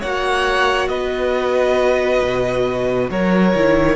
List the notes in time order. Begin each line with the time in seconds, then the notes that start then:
0.00 A#3 F#4 C#5 F#5
0.88 B3 B4 D#5
2.22 B2
3.10 F#3 A#4 C#5
3.55 D#3 E4